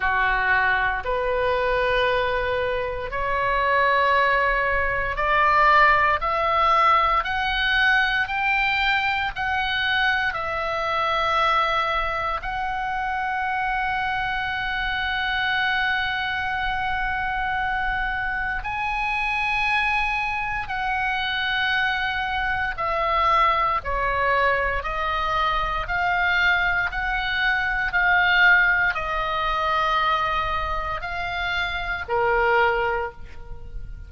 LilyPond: \new Staff \with { instrumentName = "oboe" } { \time 4/4 \tempo 4 = 58 fis'4 b'2 cis''4~ | cis''4 d''4 e''4 fis''4 | g''4 fis''4 e''2 | fis''1~ |
fis''2 gis''2 | fis''2 e''4 cis''4 | dis''4 f''4 fis''4 f''4 | dis''2 f''4 ais'4 | }